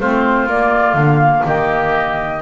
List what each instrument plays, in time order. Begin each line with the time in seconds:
0.00 double bass A3, clarinet C4, oboe F4, flute C5
0.46 double bass A#3, clarinet A#3, flute D5
0.94 double bass D3, flute F5
1.45 double bass D#3, oboe G4, flute D#5